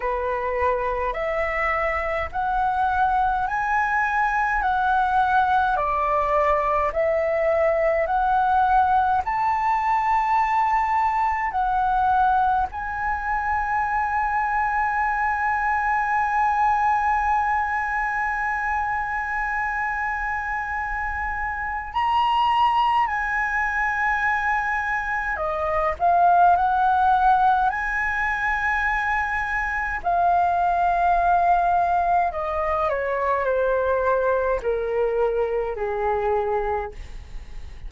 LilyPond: \new Staff \with { instrumentName = "flute" } { \time 4/4 \tempo 4 = 52 b'4 e''4 fis''4 gis''4 | fis''4 d''4 e''4 fis''4 | a''2 fis''4 gis''4~ | gis''1~ |
gis''2. ais''4 | gis''2 dis''8 f''8 fis''4 | gis''2 f''2 | dis''8 cis''8 c''4 ais'4 gis'4 | }